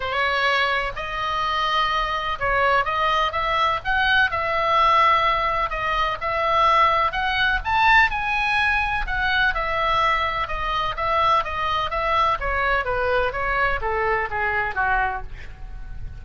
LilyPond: \new Staff \with { instrumentName = "oboe" } { \time 4/4 \tempo 4 = 126 cis''2 dis''2~ | dis''4 cis''4 dis''4 e''4 | fis''4 e''2. | dis''4 e''2 fis''4 |
a''4 gis''2 fis''4 | e''2 dis''4 e''4 | dis''4 e''4 cis''4 b'4 | cis''4 a'4 gis'4 fis'4 | }